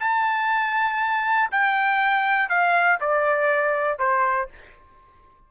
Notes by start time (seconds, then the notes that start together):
0.00 A5
1.51 G5
2.49 F5
3.00 D5
3.98 C5